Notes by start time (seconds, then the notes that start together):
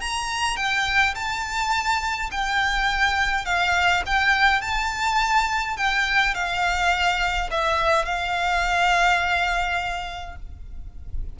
0.00 A#5
0.56 G5
1.14 A5
2.31 G5
3.45 F5
4.05 G5
4.61 A5
5.76 G5
6.34 F5
7.51 E5
8.05 F5